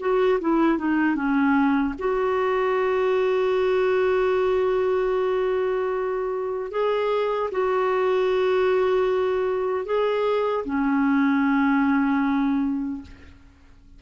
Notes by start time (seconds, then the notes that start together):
0.00 F#4
0.41 E4
0.78 D#4
1.16 C#4
1.99 F#4
6.71 G#4
7.51 F#4
9.86 G#4
10.65 C#4